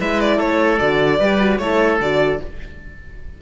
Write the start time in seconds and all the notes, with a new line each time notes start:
0.00 G#3 E4 B4 E5
0.20 D5
0.37 A3 A4 C#5
0.79 D3 F#4 D5
1.19 G3 G4 B4
1.40 F#4
1.58 A3 E4 A4 C#5
2.00 D3 F#4 D5